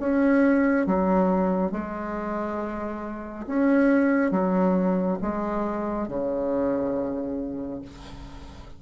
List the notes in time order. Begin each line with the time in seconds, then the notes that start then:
0.00 C#4
0.87 F#3
1.72 G#3
3.47 C#4
4.32 F#3
5.22 G#3
6.08 C#3